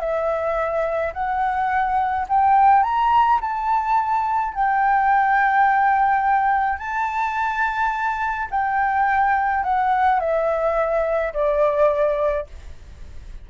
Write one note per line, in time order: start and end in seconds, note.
0.00 1.13 E5
1.14 2.27 F#5
2.29 2.84 G5
2.84 3.40 A#5
3.41 4.54 A5
4.54 6.79 G5
6.79 8.49 A5
8.51 9.64 G5
9.64 10.20 F#5
10.20 11.33 E5
11.34 12.47 D5